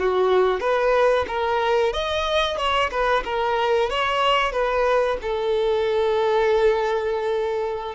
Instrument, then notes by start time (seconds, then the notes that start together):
violin
0.00 F#4
0.61 B4
1.28 A#4
1.94 D#5
2.58 C#5
2.91 B4
3.25 A#4
3.90 C#5
4.53 B4
5.22 A4